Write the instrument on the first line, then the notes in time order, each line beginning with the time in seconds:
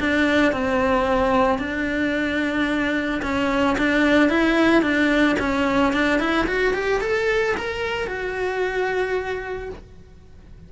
cello
0.00 D4
0.53 C4
1.59 D4
3.23 C#4
3.78 D4
4.30 E4
4.83 D4
5.40 C#4
5.93 D4
6.20 E4
6.47 F#4
6.74 G4
7.01 A4
7.57 A#4
8.07 F#4